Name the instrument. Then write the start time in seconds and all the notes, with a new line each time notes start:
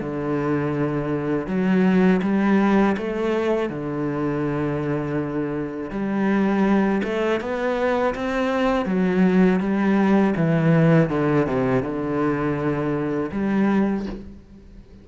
cello
0.00 D3
1.46 F#3
2.22 G3
2.97 A3
3.69 D3
5.90 G3
7.03 A3
7.40 B3
8.14 C4
8.86 F#3
9.60 G3
10.36 E3
11.09 D3
11.46 C3
11.82 D3
13.31 G3